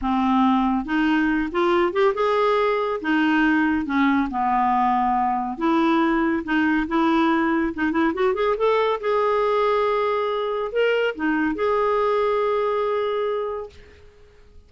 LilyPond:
\new Staff \with { instrumentName = "clarinet" } { \time 4/4 \tempo 4 = 140 c'2 dis'4. f'8~ | f'8 g'8 gis'2 dis'4~ | dis'4 cis'4 b2~ | b4 e'2 dis'4 |
e'2 dis'8 e'8 fis'8 gis'8 | a'4 gis'2.~ | gis'4 ais'4 dis'4 gis'4~ | gis'1 | }